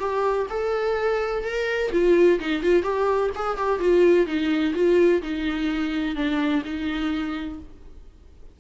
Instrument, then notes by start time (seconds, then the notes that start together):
viola
0.00 G4
0.50 A4
1.45 A#4
1.92 F4
2.40 D#4
2.63 F4
2.83 G4
3.36 G#4
3.58 G4
3.80 F4
4.27 D#4
4.75 F4
5.23 D#4
6.16 D4
6.65 D#4